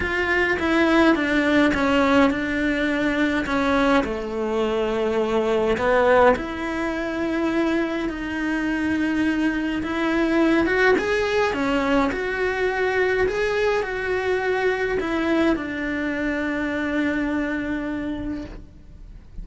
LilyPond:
\new Staff \with { instrumentName = "cello" } { \time 4/4 \tempo 4 = 104 f'4 e'4 d'4 cis'4 | d'2 cis'4 a4~ | a2 b4 e'4~ | e'2 dis'2~ |
dis'4 e'4. fis'8 gis'4 | cis'4 fis'2 gis'4 | fis'2 e'4 d'4~ | d'1 | }